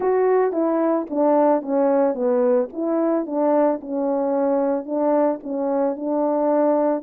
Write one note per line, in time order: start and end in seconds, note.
0.00 0.52 F#4
0.52 1.06 E4
1.10 1.61 D4
1.61 2.14 C#4
2.14 2.68 B3
2.72 3.26 E4
3.26 3.80 D4
3.80 4.85 C#4
4.85 5.39 D4
5.43 5.96 C#4
5.96 7.03 D4